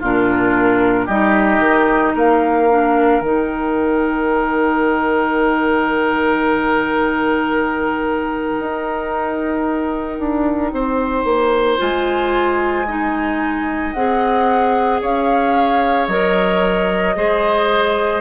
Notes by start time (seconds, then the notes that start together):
0.00 A#2 D4 F4 A#4
1.06 G3 D#4 G4 D#5
1.59 D#3
2.15 A#3 A#4 F5
2.69 D4
3.21 D#3 D#4 G5
8.60 D#4
10.19 D4
10.72 C4 C5
11.24 A#3
11.78 G#3 F4 G#5
12.87 D#4 D#5
13.93 C4 G#4 F#5
15.02 C#4 C#5 F5
16.08 F#3 A#4 D#5
17.16 G#3 G#4 C5